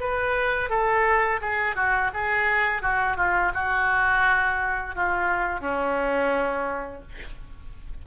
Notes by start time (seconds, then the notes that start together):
0.00 B4
0.70 A4
1.41 G#4
1.76 F#4
2.14 G#4
2.82 F#4
3.17 F4
3.54 F#4
4.95 F4
5.61 C#4